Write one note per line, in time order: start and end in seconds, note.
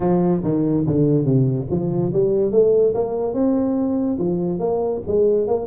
0.00 0.42 F3
0.43 0.85 D#3
0.86 1.25 D3
1.25 1.66 C3
1.70 2.12 F3
2.13 2.51 G3
2.51 2.93 A3
2.94 3.33 A#3
3.33 4.17 C4
4.18 4.59 F3
4.59 5.01 A#3
5.07 5.47 G#3
5.47 5.66 A#3